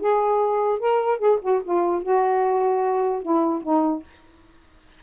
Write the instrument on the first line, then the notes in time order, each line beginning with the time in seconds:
saxophone
0.00 G#4
0.80 A#4
1.19 G#4
1.41 F#4
1.64 F4
2.02 F#4
3.22 E4
3.63 D#4